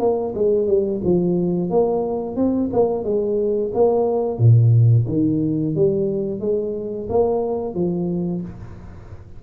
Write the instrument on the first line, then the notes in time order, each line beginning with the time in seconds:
tuba
0.00 A#3
0.35 G#3
0.67 G3
1.04 F3
1.70 A#3
2.36 C4
2.73 A#3
3.04 G#3
3.74 A#3
4.39 A#2
5.08 D#3
5.75 G3
6.40 G#3
7.09 A#3
7.75 F3